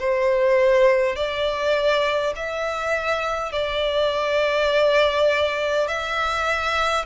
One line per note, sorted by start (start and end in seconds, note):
0.00 1.16 C5
1.16 2.34 D5
2.36 3.53 E5
3.53 5.88 D5
5.88 7.06 E5